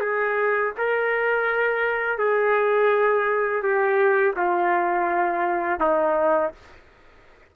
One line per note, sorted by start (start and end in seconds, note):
0.00 0.72 G#4
0.78 2.18 A#4
2.18 3.62 G#4
3.62 4.34 G4
4.36 5.80 F4
5.80 6.52 D#4